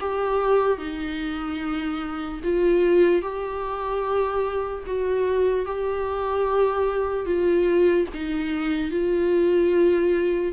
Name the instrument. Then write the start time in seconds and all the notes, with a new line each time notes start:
viola
0.00 G4
0.78 D#4
2.44 F4
3.22 G4
4.86 F#4
5.66 G4
7.26 F4
8.14 D#4
8.91 F4